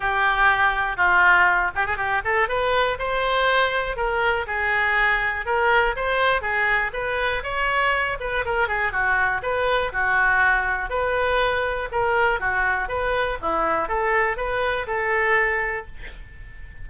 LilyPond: \new Staff \with { instrumentName = "oboe" } { \time 4/4 \tempo 4 = 121 g'2 f'4. g'16 gis'16 | g'8 a'8 b'4 c''2 | ais'4 gis'2 ais'4 | c''4 gis'4 b'4 cis''4~ |
cis''8 b'8 ais'8 gis'8 fis'4 b'4 | fis'2 b'2 | ais'4 fis'4 b'4 e'4 | a'4 b'4 a'2 | }